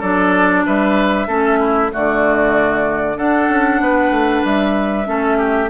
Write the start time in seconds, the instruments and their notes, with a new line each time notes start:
0.00 bassoon F#3, clarinet D4, oboe A4, flute D5
0.66 bassoon G3, oboe B4, flute E5
1.27 bassoon A3, clarinet C#4, oboe A4
1.59 oboe E4
1.90 clarinet A3, oboe F#4, flute D5
1.96 bassoon D3
3.16 clarinet D4, bassoon D4, oboe A4, flute F#5
3.49 bassoon C#4
3.80 bassoon B3, oboe B4
4.10 bassoon A3
4.44 bassoon G3, flute E5
5.05 bassoon A3, clarinet C#4, oboe A4
5.37 oboe G4